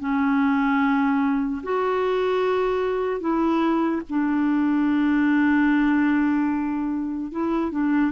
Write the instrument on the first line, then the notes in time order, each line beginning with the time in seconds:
clarinet
0.00 C#4
1.63 F#4
3.21 E4
4.09 D4
7.32 E4
7.71 D4